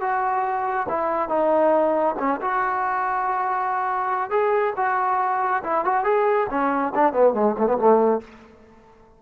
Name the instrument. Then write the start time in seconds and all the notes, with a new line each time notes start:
trombone
0.00 F#4
0.88 E4
1.29 D#4
2.18 C#4
2.41 F#4
4.30 G#4
4.76 F#4
5.63 E4
5.85 F#4
6.04 G#4
6.50 C#4
6.94 D4
7.12 B3
7.33 G#3
7.58 A3
7.66 B3
7.77 A3